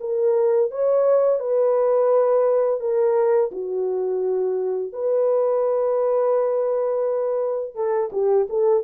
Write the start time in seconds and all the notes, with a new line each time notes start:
0.00 A#4
0.71 C#5
1.39 B4
2.80 A#4
3.51 F#4
4.92 B4
7.74 A4
8.12 G4
8.49 A4